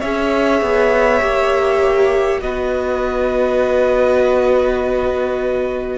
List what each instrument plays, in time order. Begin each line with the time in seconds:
0.00 cello C#4, viola G#4, violin C#5 E5
0.61 cello B3
1.20 cello A#3, viola G4
2.40 cello B3, viola F#4, violin B4 D#5